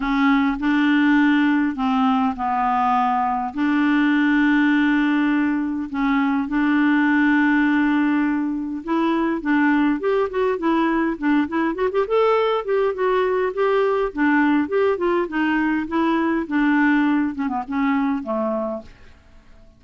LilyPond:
\new Staff \with { instrumentName = "clarinet" } { \time 4/4 \tempo 4 = 102 cis'4 d'2 c'4 | b2 d'2~ | d'2 cis'4 d'4~ | d'2. e'4 |
d'4 g'8 fis'8 e'4 d'8 e'8 | fis'16 g'16 a'4 g'8 fis'4 g'4 | d'4 g'8 f'8 dis'4 e'4 | d'4. cis'16 b16 cis'4 a4 | }